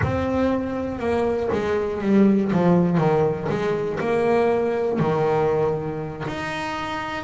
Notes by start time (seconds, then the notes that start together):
0.02 C4
0.99 A#3
1.52 G#3
2.01 G3
2.52 F3
2.97 D#3
3.49 G#3
4.00 A#3
4.99 D#3
6.27 D#4